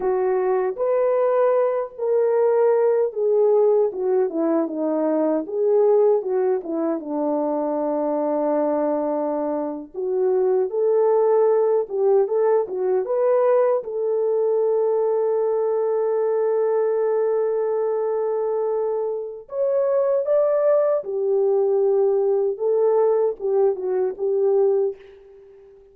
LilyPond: \new Staff \with { instrumentName = "horn" } { \time 4/4 \tempo 4 = 77 fis'4 b'4. ais'4. | gis'4 fis'8 e'8 dis'4 gis'4 | fis'8 e'8 d'2.~ | d'8. fis'4 a'4. g'8 a'16~ |
a'16 fis'8 b'4 a'2~ a'16~ | a'1~ | a'4 cis''4 d''4 g'4~ | g'4 a'4 g'8 fis'8 g'4 | }